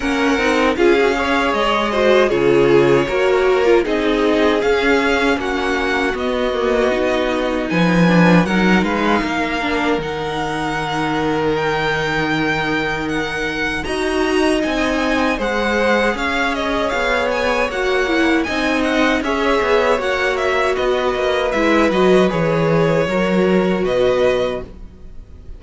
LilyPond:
<<
  \new Staff \with { instrumentName = "violin" } { \time 4/4 \tempo 4 = 78 fis''4 f''4 dis''4 cis''4~ | cis''4 dis''4 f''4 fis''4 | dis''2 gis''4 fis''8 f''8~ | f''4 fis''2 g''4~ |
g''4 fis''4 ais''4 gis''4 | fis''4 f''8 dis''8 f''8 gis''8 fis''4 | gis''8 fis''8 e''4 fis''8 e''8 dis''4 | e''8 dis''8 cis''2 dis''4 | }
  \new Staff \with { instrumentName = "violin" } { \time 4/4 ais'4 gis'8 cis''4 c''8 gis'4 | ais'4 gis'2 fis'4~ | fis'2 b'4 ais'8 b'8 | ais'1~ |
ais'2 dis''2 | c''4 cis''2. | dis''4 cis''2 b'4~ | b'2 ais'4 b'4 | }
  \new Staff \with { instrumentName = "viola" } { \time 4/4 cis'8 dis'8 f'16 fis'16 gis'4 fis'8 f'4 | fis'8. f'16 dis'4 cis'2 | b8 ais8 dis'4. d'8 dis'4~ | dis'8 d'8 dis'2.~ |
dis'2 fis'4 dis'4 | gis'2. fis'8 e'8 | dis'4 gis'4 fis'2 | e'8 fis'8 gis'4 fis'2 | }
  \new Staff \with { instrumentName = "cello" } { \time 4/4 ais8 c'8 cis'4 gis4 cis4 | ais4 c'4 cis'4 ais4 | b2 f4 fis8 gis8 | ais4 dis2.~ |
dis2 dis'4 c'4 | gis4 cis'4 b4 ais4 | c'4 cis'8 b8 ais4 b8 ais8 | gis8 fis8 e4 fis4 b,4 | }
>>